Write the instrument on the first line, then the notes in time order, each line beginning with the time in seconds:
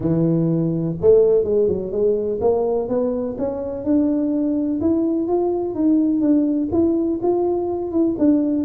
tuba
0.00 E3
1.01 A3
1.44 G#3
1.68 F#3
1.91 G#3
2.40 A#3
2.88 B3
3.38 C#4
3.84 D4
4.80 E4
5.27 F4
5.74 D#4
6.20 D4
6.72 E4
7.22 F4
7.91 E4
8.18 D4